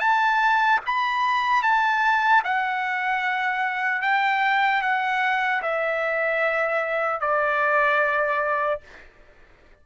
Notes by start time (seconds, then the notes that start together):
0.00 A5
0.86 B5
1.63 A5
2.45 F#5
4.02 G5
4.82 F#5
5.62 E5
7.21 D5